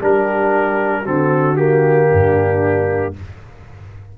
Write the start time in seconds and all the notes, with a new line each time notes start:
0.00 G3 D4 G4 A#4
1.02 D3 C4 F#4 A4
1.56 A#3 G4
2.09 G2 D4